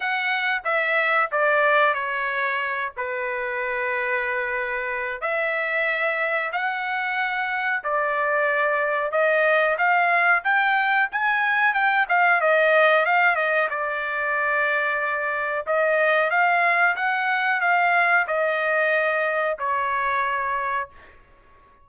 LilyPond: \new Staff \with { instrumentName = "trumpet" } { \time 4/4 \tempo 4 = 92 fis''4 e''4 d''4 cis''4~ | cis''8 b'2.~ b'8 | e''2 fis''2 | d''2 dis''4 f''4 |
g''4 gis''4 g''8 f''8 dis''4 | f''8 dis''8 d''2. | dis''4 f''4 fis''4 f''4 | dis''2 cis''2 | }